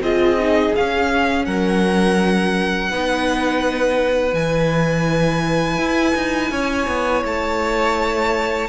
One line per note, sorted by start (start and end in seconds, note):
0.00 0.72 C4
0.00 0.39 F4
0.00 1.46 G#4
0.00 0.75 D#5
0.39 0.75 D#4
0.75 2.91 C#4
0.75 1.46 C#4
0.75 1.45 F5
1.45 2.91 F#3
1.45 2.90 A#4
1.45 4.34 F#5
2.90 4.33 B3
2.90 4.35 D#4
2.90 6.51 B4
4.33 5.77 E3
4.33 8.68 E4
4.33 7.23 G#5
5.77 6.14 E4
6.15 6.51 D#4
6.51 6.87 C#4
6.51 8.68 C#5
6.87 7.23 B3
7.24 8.68 A3
7.24 8.68 A5